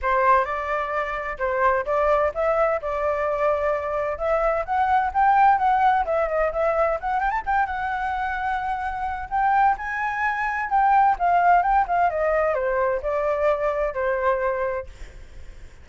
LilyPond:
\new Staff \with { instrumentName = "flute" } { \time 4/4 \tempo 4 = 129 c''4 d''2 c''4 | d''4 e''4 d''2~ | d''4 e''4 fis''4 g''4 | fis''4 e''8 dis''8 e''4 fis''8 g''16 a''16 |
g''8 fis''2.~ fis''8 | g''4 gis''2 g''4 | f''4 g''8 f''8 dis''4 c''4 | d''2 c''2 | }